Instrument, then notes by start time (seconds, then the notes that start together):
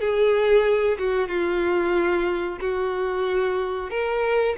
violin
0.00 G#4
0.99 F#4
1.28 F4
2.61 F#4
3.90 A#4